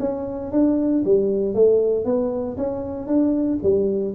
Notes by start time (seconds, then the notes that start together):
0.00 C#4
0.52 D4
1.05 G3
1.55 A3
2.05 B3
2.57 C#4
3.08 D4
3.63 G3